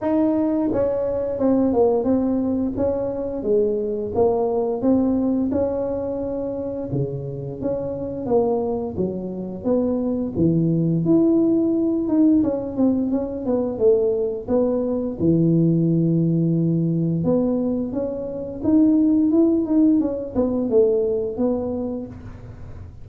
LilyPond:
\new Staff \with { instrumentName = "tuba" } { \time 4/4 \tempo 4 = 87 dis'4 cis'4 c'8 ais8 c'4 | cis'4 gis4 ais4 c'4 | cis'2 cis4 cis'4 | ais4 fis4 b4 e4 |
e'4. dis'8 cis'8 c'8 cis'8 b8 | a4 b4 e2~ | e4 b4 cis'4 dis'4 | e'8 dis'8 cis'8 b8 a4 b4 | }